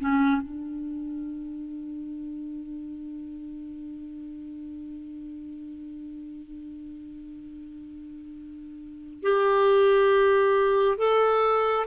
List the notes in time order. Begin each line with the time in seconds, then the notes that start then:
0.00 C#4
0.42 D4
9.23 G4
10.98 A4